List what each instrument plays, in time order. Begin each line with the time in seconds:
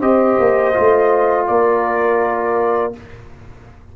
0.00 tuba C4, trombone G4, horn C5, trumpet D#5
0.39 tuba A#3
0.74 tuba A3, trombone F4
1.47 tuba A#3, horn A#4, trumpet D5